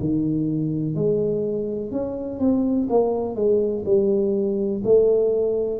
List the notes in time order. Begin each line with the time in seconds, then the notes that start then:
0.00 D#3
0.95 G#3
1.91 C#4
2.39 C4
2.89 A#3
3.35 G#3
3.85 G3
4.84 A3